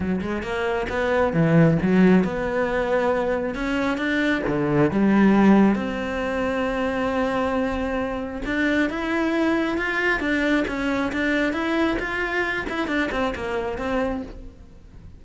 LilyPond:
\new Staff \with { instrumentName = "cello" } { \time 4/4 \tempo 4 = 135 fis8 gis8 ais4 b4 e4 | fis4 b2. | cis'4 d'4 d4 g4~ | g4 c'2.~ |
c'2. d'4 | e'2 f'4 d'4 | cis'4 d'4 e'4 f'4~ | f'8 e'8 d'8 c'8 ais4 c'4 | }